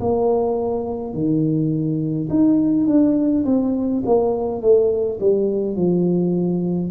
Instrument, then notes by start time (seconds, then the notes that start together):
tuba
0.00 A#3
1.14 D#3
2.30 D#4
2.87 D4
3.46 C4
4.06 A#3
4.62 A3
5.21 G3
5.77 F3